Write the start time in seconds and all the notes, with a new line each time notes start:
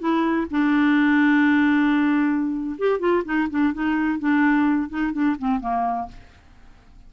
0.00 E4
0.51 D4
2.79 G4
3.00 F4
3.25 D#4
3.50 D4
3.74 D#4
4.19 D4
4.89 D#4
5.13 D4
5.39 C4
5.61 A#3